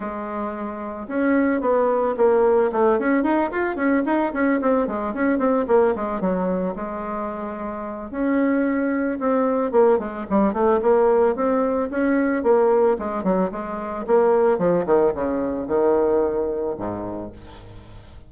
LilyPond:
\new Staff \with { instrumentName = "bassoon" } { \time 4/4 \tempo 4 = 111 gis2 cis'4 b4 | ais4 a8 cis'8 dis'8 f'8 cis'8 dis'8 | cis'8 c'8 gis8 cis'8 c'8 ais8 gis8 fis8~ | fis8 gis2~ gis8 cis'4~ |
cis'4 c'4 ais8 gis8 g8 a8 | ais4 c'4 cis'4 ais4 | gis8 fis8 gis4 ais4 f8 dis8 | cis4 dis2 gis,4 | }